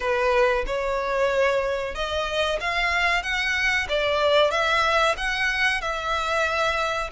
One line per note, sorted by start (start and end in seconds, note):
0.00 0.64 B4
0.66 1.94 C#5
1.94 2.59 D#5
2.60 3.23 F5
3.23 3.87 F#5
3.89 4.50 D5
4.50 5.15 E5
5.17 5.81 F#5
5.81 7.10 E5